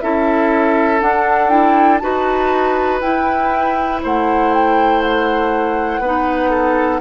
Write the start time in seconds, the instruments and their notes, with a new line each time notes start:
0.00 bassoon C#4, clarinet E4, oboe A4, flute E5
1.00 clarinet D4, bassoon D4, flute F#5
1.49 clarinet E4, flute G5
1.98 bassoon D#4, clarinet F#4, oboe B4, flute A5
3.01 bassoon E4, clarinet E4, flute G5
4.02 bassoon A3, oboe C5, flute F#5
4.53 flute G5
5.01 flute F#5
5.99 bassoon B3, clarinet D#4, oboe B4
6.50 oboe A4